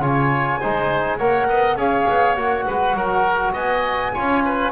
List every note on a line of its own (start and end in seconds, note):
0.00 0.59 C#3
0.00 0.59 F4
0.00 0.60 C#5
0.00 1.19 G#5
0.60 1.21 G#3
0.60 1.20 D#4
0.60 1.18 C5
1.18 1.49 A#3
1.18 1.78 A#4
1.18 1.47 C#5
1.18 1.77 F#5
1.48 1.76 B3
1.48 1.77 D#5
1.76 2.06 C#4
1.76 2.37 G#4
1.76 2.65 C#5
1.76 2.35 F5
2.09 2.37 B3
2.35 2.66 A#3
2.35 4.13 F#4
2.35 3.53 F#5
2.67 2.94 G#3
2.67 2.96 B4
2.94 3.53 F#3
2.94 3.53 A#4
3.53 4.12 B3
3.53 4.12 D#5
3.53 4.72 G#5
4.14 4.72 C#4
4.14 4.72 F4
4.14 4.43 C#5
4.45 4.72 B4